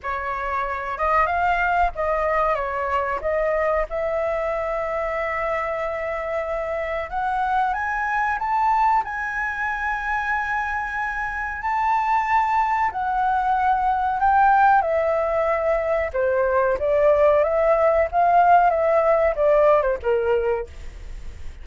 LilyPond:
\new Staff \with { instrumentName = "flute" } { \time 4/4 \tempo 4 = 93 cis''4. dis''8 f''4 dis''4 | cis''4 dis''4 e''2~ | e''2. fis''4 | gis''4 a''4 gis''2~ |
gis''2 a''2 | fis''2 g''4 e''4~ | e''4 c''4 d''4 e''4 | f''4 e''4 d''8. c''16 ais'4 | }